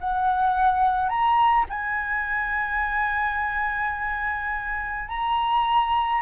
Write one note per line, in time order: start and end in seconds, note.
0.00 1.09 F#5
1.09 1.65 A#5
1.69 5.08 G#5
5.08 6.21 A#5